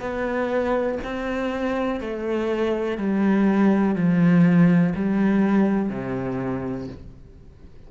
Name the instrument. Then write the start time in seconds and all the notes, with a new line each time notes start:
cello
0.00 B3
1.04 C4
2.01 A3
2.98 G3
3.95 F3
4.95 G3
5.89 C3